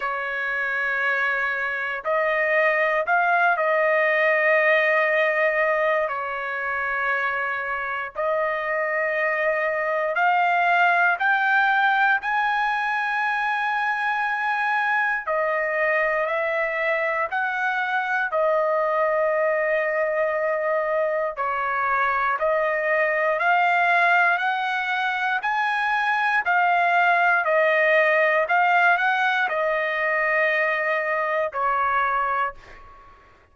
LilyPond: \new Staff \with { instrumentName = "trumpet" } { \time 4/4 \tempo 4 = 59 cis''2 dis''4 f''8 dis''8~ | dis''2 cis''2 | dis''2 f''4 g''4 | gis''2. dis''4 |
e''4 fis''4 dis''2~ | dis''4 cis''4 dis''4 f''4 | fis''4 gis''4 f''4 dis''4 | f''8 fis''8 dis''2 cis''4 | }